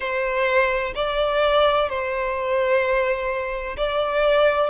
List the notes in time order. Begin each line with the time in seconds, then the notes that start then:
0.00 C5
0.95 D5
1.89 C5
3.76 D5